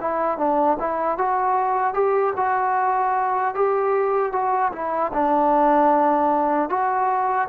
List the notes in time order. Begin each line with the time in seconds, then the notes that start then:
0.00 E4
0.38 D4
0.79 E4
1.18 F#4
1.94 G4
2.36 F#4
3.54 G4
4.32 F#4
4.72 E4
5.13 D4
6.69 F#4